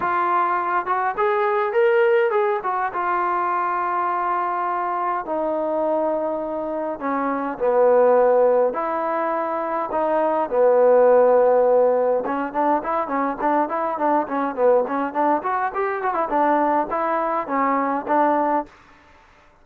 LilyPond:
\new Staff \with { instrumentName = "trombone" } { \time 4/4 \tempo 4 = 103 f'4. fis'8 gis'4 ais'4 | gis'8 fis'8 f'2.~ | f'4 dis'2. | cis'4 b2 e'4~ |
e'4 dis'4 b2~ | b4 cis'8 d'8 e'8 cis'8 d'8 e'8 | d'8 cis'8 b8 cis'8 d'8 fis'8 g'8 fis'16 e'16 | d'4 e'4 cis'4 d'4 | }